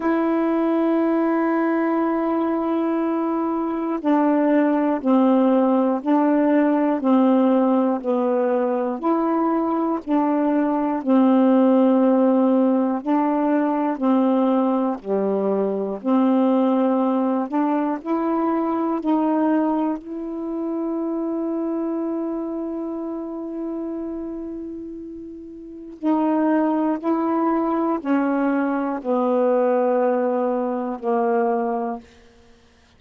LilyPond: \new Staff \with { instrumentName = "saxophone" } { \time 4/4 \tempo 4 = 60 e'1 | d'4 c'4 d'4 c'4 | b4 e'4 d'4 c'4~ | c'4 d'4 c'4 g4 |
c'4. d'8 e'4 dis'4 | e'1~ | e'2 dis'4 e'4 | cis'4 b2 ais4 | }